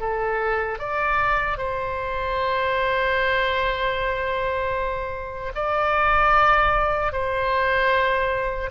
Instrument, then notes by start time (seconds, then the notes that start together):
oboe
0.00 A4
0.79 D5
1.58 C5
5.55 D5
7.12 C5